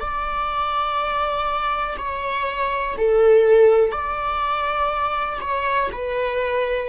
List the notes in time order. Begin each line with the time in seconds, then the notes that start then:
0.00 D5
1.98 C#5
2.97 A4
3.92 D5
5.41 C#5
5.92 B4